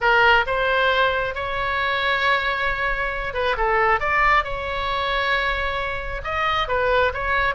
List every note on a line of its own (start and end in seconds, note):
0.00 0.45 A#4
0.46 1.34 C5
1.34 3.33 C#5
3.33 3.56 B4
3.57 3.99 A4
3.99 4.43 D5
4.43 6.21 C#5
6.24 6.68 D#5
6.68 7.12 B4
7.13 7.55 C#5